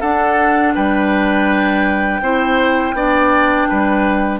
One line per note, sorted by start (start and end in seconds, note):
0.00 0.74 D4
0.00 2.21 D4
0.00 0.73 A4
0.00 0.74 F#5
0.74 2.21 G3
0.74 2.21 B4
0.74 4.39 G5
2.21 2.93 C4
2.21 2.94 E4
2.21 2.95 C5
2.93 3.66 B3
2.93 4.39 D4
2.93 3.68 D5
3.68 4.39 G3
3.68 4.39 B4